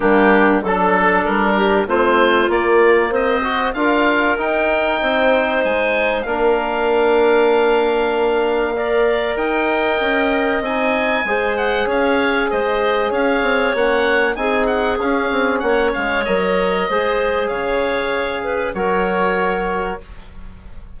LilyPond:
<<
  \new Staff \with { instrumentName = "oboe" } { \time 4/4 \tempo 4 = 96 g'4 a'4 ais'4 c''4 | d''4 dis''4 f''4 g''4~ | g''4 gis''4 f''2~ | f''2. g''4~ |
g''4 gis''4. fis''8 f''4 | dis''4 f''4 fis''4 gis''8 fis''8 | f''4 fis''8 f''8 dis''2 | f''2 cis''2 | }
  \new Staff \with { instrumentName = "clarinet" } { \time 4/4 d'4 a'4. g'8 f'4~ | f'4 c''4 ais'2 | c''2 ais'2~ | ais'2 d''4 dis''4~ |
dis''2 c''4 cis''4 | c''4 cis''2 gis'4~ | gis'4 cis''2 c''4 | cis''4. b'8 ais'2 | }
  \new Staff \with { instrumentName = "trombone" } { \time 4/4 ais4 d'2 c'4 | ais4. fis'8 f'4 dis'4~ | dis'2 d'2~ | d'2 ais'2~ |
ais'4 dis'4 gis'2~ | gis'2 cis'4 dis'4 | cis'2 ais'4 gis'4~ | gis'2 fis'2 | }
  \new Staff \with { instrumentName = "bassoon" } { \time 4/4 g4 fis4 g4 a4 | ais4 c'4 d'4 dis'4 | c'4 gis4 ais2~ | ais2. dis'4 |
cis'4 c'4 gis4 cis'4 | gis4 cis'8 c'8 ais4 c'4 | cis'8 c'8 ais8 gis8 fis4 gis4 | cis2 fis2 | }
>>